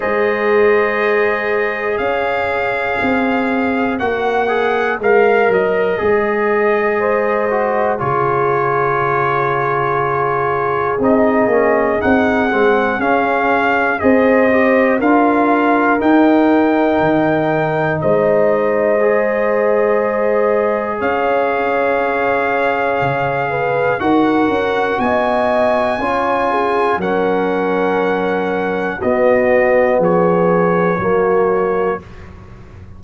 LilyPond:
<<
  \new Staff \with { instrumentName = "trumpet" } { \time 4/4 \tempo 4 = 60 dis''2 f''2 | fis''4 f''8 dis''2~ dis''8 | cis''2. dis''4 | fis''4 f''4 dis''4 f''4 |
g''2 dis''2~ | dis''4 f''2. | fis''4 gis''2 fis''4~ | fis''4 dis''4 cis''2 | }
  \new Staff \with { instrumentName = "horn" } { \time 4/4 c''2 cis''2~ | cis''2. c''4 | gis'1~ | gis'2 c''4 ais'4~ |
ais'2 c''2~ | c''4 cis''2~ cis''8 b'8 | ais'4 dis''4 cis''8 gis'8 ais'4~ | ais'4 fis'4 gis'4 fis'4 | }
  \new Staff \with { instrumentName = "trombone" } { \time 4/4 gis'1 | fis'8 gis'8 ais'4 gis'4. fis'8 | f'2. dis'8 cis'8 | dis'8 c'8 cis'4 gis'8 g'8 f'4 |
dis'2. gis'4~ | gis'1 | fis'2 f'4 cis'4~ | cis'4 b2 ais4 | }
  \new Staff \with { instrumentName = "tuba" } { \time 4/4 gis2 cis'4 c'4 | ais4 gis8 fis8 gis2 | cis2. c'8 ais8 | c'8 gis8 cis'4 c'4 d'4 |
dis'4 dis4 gis2~ | gis4 cis'2 cis4 | dis'8 cis'8 b4 cis'4 fis4~ | fis4 b4 f4 fis4 | }
>>